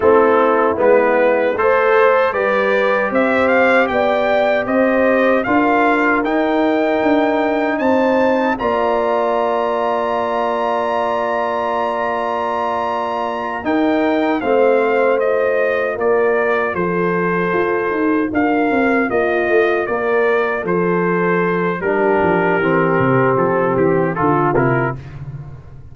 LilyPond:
<<
  \new Staff \with { instrumentName = "trumpet" } { \time 4/4 \tempo 4 = 77 a'4 b'4 c''4 d''4 | e''8 f''8 g''4 dis''4 f''4 | g''2 a''4 ais''4~ | ais''1~ |
ais''4. g''4 f''4 dis''8~ | dis''8 d''4 c''2 f''8~ | f''8 dis''4 d''4 c''4. | ais'2 a'8 g'8 a'8 ais'8 | }
  \new Staff \with { instrumentName = "horn" } { \time 4/4 e'2 c''4 b'4 | c''4 d''4 c''4 ais'4~ | ais'2 c''4 d''4~ | d''1~ |
d''4. ais'4 c''4.~ | c''8 ais'4 a'2 ais'8~ | ais'8 f'4 ais'4 a'4. | g'2. f'4 | }
  \new Staff \with { instrumentName = "trombone" } { \time 4/4 c'4 b4 a'4 g'4~ | g'2. f'4 | dis'2. f'4~ | f'1~ |
f'4. dis'4 c'4 f'8~ | f'1~ | f'1 | d'4 c'2 f'8 e'8 | }
  \new Staff \with { instrumentName = "tuba" } { \time 4/4 a4 gis4 a4 g4 | c'4 b4 c'4 d'4 | dis'4 d'4 c'4 ais4~ | ais1~ |
ais4. dis'4 a4.~ | a8 ais4 f4 f'8 dis'8 d'8 | c'8 ais8 a8 ais4 f4. | g8 f8 e8 c8 f8 e8 d8 c8 | }
>>